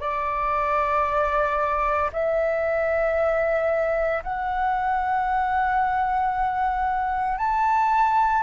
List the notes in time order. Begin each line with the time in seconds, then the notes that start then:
0.00 D5
2.12 E5
4.23 F#5
7.37 A5